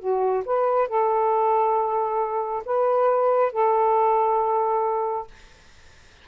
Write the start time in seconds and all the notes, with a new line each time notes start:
0.00 F#4
0.46 B4
0.89 A4
2.66 B4
3.53 A4